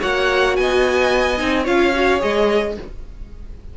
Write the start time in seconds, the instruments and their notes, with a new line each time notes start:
0.00 cello A#3, viola F#4, violin C#5 F#5
0.56 cello B3, violin D#5 G#5
1.38 cello C4, viola D#4
1.64 cello C#4, viola F4, violin C#5 F5
1.95 viola F#4
2.20 cello G#3, viola G#4, violin D#5